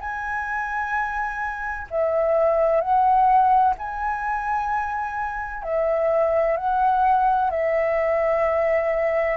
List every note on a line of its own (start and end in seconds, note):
0.00 1.87 G#5
1.91 2.81 E5
2.81 3.75 F#5
3.78 5.63 G#5
5.63 6.57 E5
6.57 7.50 F#5
7.50 9.37 E5